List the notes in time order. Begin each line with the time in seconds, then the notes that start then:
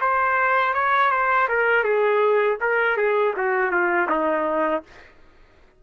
0.00 C5
0.74 C#5
1.11 C5
1.48 A#4
1.84 G#4
2.60 A#4
2.97 G#4
3.36 F#4
3.71 F4
4.09 D#4